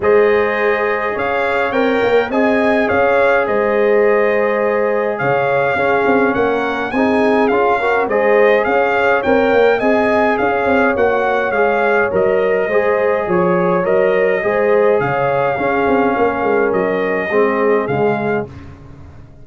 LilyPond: <<
  \new Staff \with { instrumentName = "trumpet" } { \time 4/4 \tempo 4 = 104 dis''2 f''4 g''4 | gis''4 f''4 dis''2~ | dis''4 f''2 fis''4 | gis''4 f''4 dis''4 f''4 |
g''4 gis''4 f''4 fis''4 | f''4 dis''2 cis''4 | dis''2 f''2~ | f''4 dis''2 f''4 | }
  \new Staff \with { instrumentName = "horn" } { \time 4/4 c''2 cis''2 | dis''4 cis''4 c''2~ | c''4 cis''4 gis'4 ais'4 | gis'4. ais'8 c''4 cis''4~ |
cis''4 dis''4 cis''2~ | cis''2 c''4 cis''4~ | cis''4 c''4 cis''4 gis'4 | ais'2 gis'2 | }
  \new Staff \with { instrumentName = "trombone" } { \time 4/4 gis'2. ais'4 | gis'1~ | gis'2 cis'2 | dis'4 f'8 fis'8 gis'2 |
ais'4 gis'2 fis'4 | gis'4 ais'4 gis'2 | ais'4 gis'2 cis'4~ | cis'2 c'4 gis4 | }
  \new Staff \with { instrumentName = "tuba" } { \time 4/4 gis2 cis'4 c'8 ais8 | c'4 cis'4 gis2~ | gis4 cis4 cis'8 c'8 ais4 | c'4 cis'4 gis4 cis'4 |
c'8 ais8 c'4 cis'8 c'8 ais4 | gis4 fis4 gis4 f4 | fis4 gis4 cis4 cis'8 c'8 | ais8 gis8 fis4 gis4 cis4 | }
>>